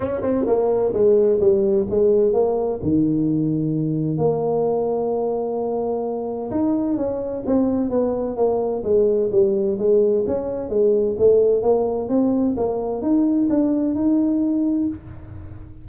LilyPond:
\new Staff \with { instrumentName = "tuba" } { \time 4/4 \tempo 4 = 129 cis'8 c'8 ais4 gis4 g4 | gis4 ais4 dis2~ | dis4 ais2.~ | ais2 dis'4 cis'4 |
c'4 b4 ais4 gis4 | g4 gis4 cis'4 gis4 | a4 ais4 c'4 ais4 | dis'4 d'4 dis'2 | }